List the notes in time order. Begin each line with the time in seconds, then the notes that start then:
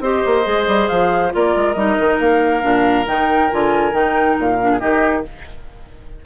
0.00 C4 G4 C5 D#5
0.26 A#3
0.44 G#3 G#4
0.67 G3
0.88 F3 F5
1.31 A#3 F4 A#4 D5
1.55 G#3
1.73 G3 D#4 D#5
1.99 D#3
2.19 A#3 F5
2.61 A#2 D4
3.06 D#3 D#4 G5
3.51 D3 F4 G#5
3.92 D#3 D#4 G5
4.39 A#2 F5
4.61 D4
4.72 G#4
4.79 D#3 D#4 G4 D#5